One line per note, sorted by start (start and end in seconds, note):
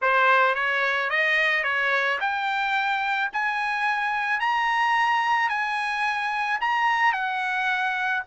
0.01 0.55 C5
0.55 1.10 C#5
1.10 1.63 D#5
1.63 2.18 C#5
2.20 3.30 G5
3.33 4.39 G#5
4.39 5.49 A#5
5.49 6.59 G#5
6.61 7.13 A#5
7.13 8.23 F#5